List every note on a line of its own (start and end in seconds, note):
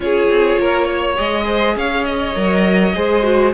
0.00 0.29 C#4
0.00 1.15 F4
0.00 0.60 G#4
0.00 1.18 C#5
0.29 0.58 C4
0.59 1.18 A#3
0.59 0.84 A#4
0.84 1.43 C#5
1.15 1.76 G#3
1.15 2.32 G#4
1.15 1.76 D#5
1.46 1.75 C5
1.76 2.34 C#4
1.76 2.95 C#5
1.76 2.04 F5
2.04 3.51 D#5
2.35 2.94 F#3
2.35 2.94 A#4
2.94 3.53 G#3
2.94 3.22 G#4
2.94 3.53 C5
3.22 3.52 F#4